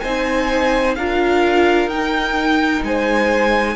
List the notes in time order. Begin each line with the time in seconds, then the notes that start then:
0.00 C4 D#4 C5 G#5
0.95 D4 F4 A#4 F5
1.87 D#4 G5
2.82 G#3 C5 G#5